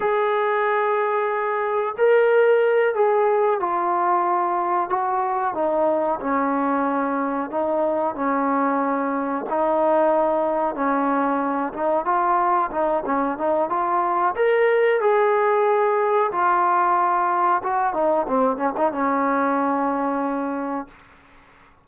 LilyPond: \new Staff \with { instrumentName = "trombone" } { \time 4/4 \tempo 4 = 92 gis'2. ais'4~ | ais'8 gis'4 f'2 fis'8~ | fis'8 dis'4 cis'2 dis'8~ | dis'8 cis'2 dis'4.~ |
dis'8 cis'4. dis'8 f'4 dis'8 | cis'8 dis'8 f'4 ais'4 gis'4~ | gis'4 f'2 fis'8 dis'8 | c'8 cis'16 dis'16 cis'2. | }